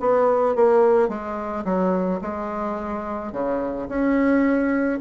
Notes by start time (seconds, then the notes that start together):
0.00 B3
0.56 A#3
1.09 G#3
1.65 F#3
2.22 G#3
3.33 C#3
3.89 C#4